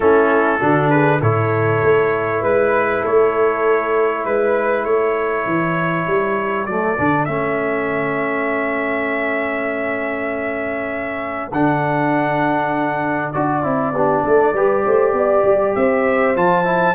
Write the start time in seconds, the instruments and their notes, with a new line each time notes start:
0.00 tuba A3, trombone C#4, horn E4, trumpet A4
0.60 tuba D3, trombone D4, horn F#4
0.89 horn G#4, trumpet B4
1.21 tuba A2, trombone E4, horn A4, trumpet C#5
1.83 tuba A3
2.40 tuba G#3, horn B4, trumpet B4
3.01 tuba A3, horn A4, trumpet C#5
4.25 tuba G#3, trumpet B4, horn B4
4.84 tuba A3, horn A4, trumpet C#5
5.46 tuba E3
6.07 tuba G3
6.65 tuba F#3, trombone A3, trumpet D5
6.97 tuba D3, trombone D4
7.25 tuba A3, trombone C#4, trumpet E5
11.52 tuba D3, trombone D4, trumpet F#5
13.32 tuba D4, trombone F#4, trumpet D5
13.62 tuba C4, trombone E4
13.92 tuba B3, trombone D4, horn G4
14.23 tuba A3, horn A4
14.52 tuba G3, trombone G4, horn B4
14.84 tuba A3, horn C5
15.12 tuba B3, horn D5
15.44 tuba G3
15.75 tuba C4, horn C5, trumpet E5
16.35 tuba F3, trombone F4, trumpet A5
16.64 trombone E4